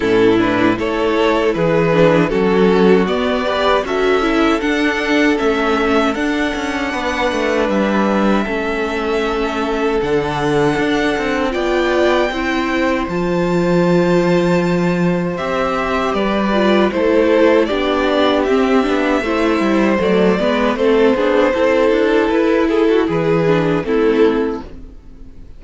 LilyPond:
<<
  \new Staff \with { instrumentName = "violin" } { \time 4/4 \tempo 4 = 78 a'8 b'8 cis''4 b'4 a'4 | d''4 e''4 fis''4 e''4 | fis''2 e''2~ | e''4 fis''2 g''4~ |
g''4 a''2. | e''4 d''4 c''4 d''4 | e''2 d''4 c''4~ | c''4 b'8 a'8 b'4 a'4 | }
  \new Staff \with { instrumentName = "violin" } { \time 4/4 e'4 a'4 gis'4 fis'4~ | fis'8 b'8 a'2.~ | a'4 b'2 a'4~ | a'2. d''4 |
c''1~ | c''4 b'4 a'4 g'4~ | g'4 c''4. b'8 a'8 gis'8 | a'4. gis'16 fis'16 gis'4 e'4 | }
  \new Staff \with { instrumentName = "viola" } { \time 4/4 cis'8 d'8 e'4. d'8 cis'4 | b8 g'8 fis'8 e'8 d'4 cis'4 | d'2. cis'4~ | cis'4 d'2 f'4 |
e'4 f'2. | g'4. f'8 e'4 d'4 | c'8 d'8 e'4 a8 b8 c'8 d'8 | e'2~ e'8 d'8 c'4 | }
  \new Staff \with { instrumentName = "cello" } { \time 4/4 a,4 a4 e4 fis4 | b4 cis'4 d'4 a4 | d'8 cis'8 b8 a8 g4 a4~ | a4 d4 d'8 c'8 b4 |
c'4 f2. | c'4 g4 a4 b4 | c'8 b8 a8 g8 fis8 gis8 a8 b8 | c'8 d'8 e'4 e4 a4 | }
>>